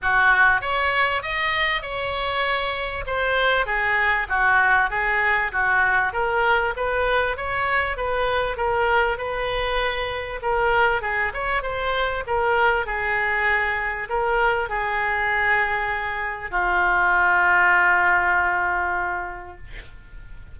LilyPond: \new Staff \with { instrumentName = "oboe" } { \time 4/4 \tempo 4 = 98 fis'4 cis''4 dis''4 cis''4~ | cis''4 c''4 gis'4 fis'4 | gis'4 fis'4 ais'4 b'4 | cis''4 b'4 ais'4 b'4~ |
b'4 ais'4 gis'8 cis''8 c''4 | ais'4 gis'2 ais'4 | gis'2. f'4~ | f'1 | }